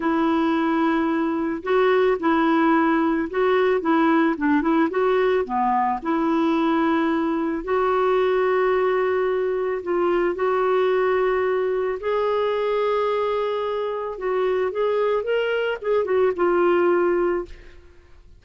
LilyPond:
\new Staff \with { instrumentName = "clarinet" } { \time 4/4 \tempo 4 = 110 e'2. fis'4 | e'2 fis'4 e'4 | d'8 e'8 fis'4 b4 e'4~ | e'2 fis'2~ |
fis'2 f'4 fis'4~ | fis'2 gis'2~ | gis'2 fis'4 gis'4 | ais'4 gis'8 fis'8 f'2 | }